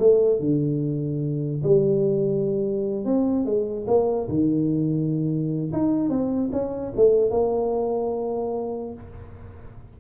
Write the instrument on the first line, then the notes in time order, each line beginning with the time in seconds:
tuba
0.00 A3
0.40 D3
1.64 G3
3.06 C4
3.46 G#3
3.88 A#3
4.29 D#3
5.73 D#4
6.10 C4
6.53 C#4
6.97 A3
7.31 A#3